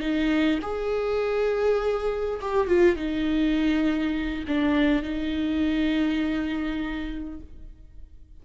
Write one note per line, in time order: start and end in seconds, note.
0.00 0.59 D#4
0.62 2.40 G#4
2.41 2.67 G4
2.67 2.96 F4
2.96 4.44 D#4
4.48 5.03 D4
5.03 7.40 D#4